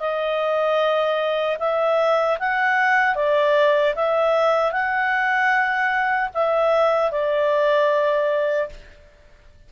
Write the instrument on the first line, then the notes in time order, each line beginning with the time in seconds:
clarinet
0.00 D#5
1.60 E5
2.39 F#5
3.16 D5
3.95 E5
4.72 F#5
6.34 E5
7.12 D5